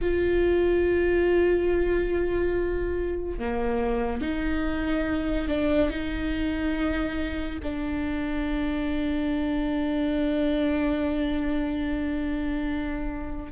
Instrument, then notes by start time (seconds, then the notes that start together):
viola
0.01 F4
3.38 A#3
4.21 D#4
5.48 D4
5.90 D#4
7.62 D4